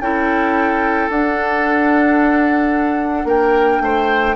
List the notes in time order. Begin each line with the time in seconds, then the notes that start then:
0.00 C#4 E4 A4 G5
1.10 D4 F#5
3.25 A#3 A#4 G5
3.81 A3 C5